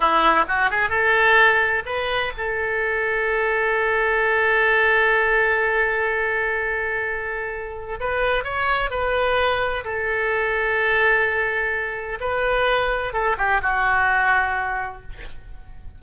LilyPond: \new Staff \with { instrumentName = "oboe" } { \time 4/4 \tempo 4 = 128 e'4 fis'8 gis'8 a'2 | b'4 a'2.~ | a'1~ | a'1~ |
a'4 b'4 cis''4 b'4~ | b'4 a'2.~ | a'2 b'2 | a'8 g'8 fis'2. | }